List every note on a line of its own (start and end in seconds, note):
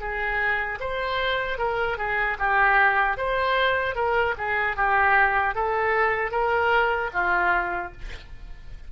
0.00 0.79 G#4
0.80 1.58 C5
1.58 1.98 A#4
1.98 2.38 G#4
2.39 3.18 G4
3.18 3.95 C5
3.95 4.35 A#4
4.38 4.77 G#4
4.77 5.55 G4
5.55 6.32 A4
6.32 7.11 A#4
7.13 7.92 F4